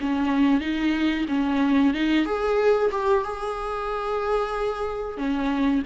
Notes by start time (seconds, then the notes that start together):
0.00 C#4
0.60 D#4
1.28 C#4
1.93 D#4
2.25 G#4
2.91 G4
3.24 G#4
5.17 C#4